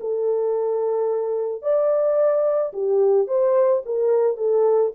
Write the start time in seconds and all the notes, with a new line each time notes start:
0.00 A4
1.62 D5
2.73 G4
3.27 C5
3.85 A#4
4.37 A4